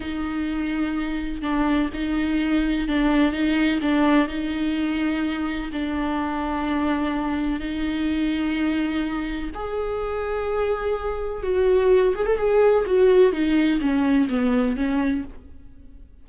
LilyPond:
\new Staff \with { instrumentName = "viola" } { \time 4/4 \tempo 4 = 126 dis'2. d'4 | dis'2 d'4 dis'4 | d'4 dis'2. | d'1 |
dis'1 | gis'1 | fis'4. gis'16 a'16 gis'4 fis'4 | dis'4 cis'4 b4 cis'4 | }